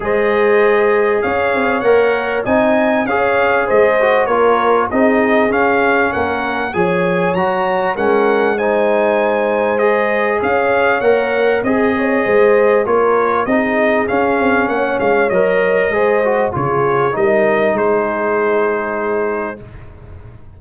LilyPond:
<<
  \new Staff \with { instrumentName = "trumpet" } { \time 4/4 \tempo 4 = 98 dis''2 f''4 fis''4 | gis''4 f''4 dis''4 cis''4 | dis''4 f''4 fis''4 gis''4 | ais''4 fis''4 gis''2 |
dis''4 f''4 fis''4 dis''4~ | dis''4 cis''4 dis''4 f''4 | fis''8 f''8 dis''2 cis''4 | dis''4 c''2. | }
  \new Staff \with { instrumentName = "horn" } { \time 4/4 c''2 cis''2 | dis''4 cis''4 c''4 ais'4 | gis'2 ais'4 cis''4~ | cis''4 ais'4 c''2~ |
c''4 cis''2 gis'8 cis''8 | c''4 ais'4 gis'2 | cis''2 c''4 gis'4 | ais'4 gis'2. | }
  \new Staff \with { instrumentName = "trombone" } { \time 4/4 gis'2. ais'4 | dis'4 gis'4. fis'8 f'4 | dis'4 cis'2 gis'4 | fis'4 cis'4 dis'2 |
gis'2 ais'4 gis'4~ | gis'4 f'4 dis'4 cis'4~ | cis'4 ais'4 gis'8 fis'8 f'4 | dis'1 | }
  \new Staff \with { instrumentName = "tuba" } { \time 4/4 gis2 cis'8 c'8 ais4 | c'4 cis'4 gis4 ais4 | c'4 cis'4 ais4 f4 | fis4 gis2.~ |
gis4 cis'4 ais4 c'4 | gis4 ais4 c'4 cis'8 c'8 | ais8 gis8 fis4 gis4 cis4 | g4 gis2. | }
>>